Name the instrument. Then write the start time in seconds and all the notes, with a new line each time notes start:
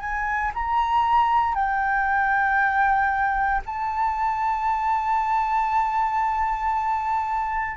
flute
0.00 G#5
0.54 A#5
1.55 G5
3.66 A5